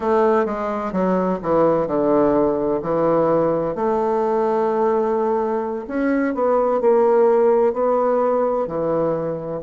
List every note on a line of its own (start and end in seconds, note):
0.00 0.45 A3
0.45 0.92 G#3
0.92 1.39 F#3
1.42 1.87 E3
1.87 2.80 D3
2.82 3.75 E3
3.75 5.86 A3
5.87 6.34 C#4
6.34 6.81 B3
6.81 7.73 A#3
7.73 8.67 B3
8.67 9.61 E3